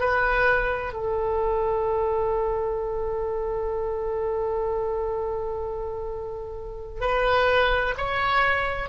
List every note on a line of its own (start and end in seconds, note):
0.00 0.93 B4
0.93 7.01 A4
7.01 7.95 B4
7.98 8.89 C#5